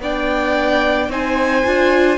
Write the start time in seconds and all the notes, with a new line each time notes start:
0.00 B3 D4 D5 G5
1.09 C4 D#4 C5 G#5
1.65 D4 F4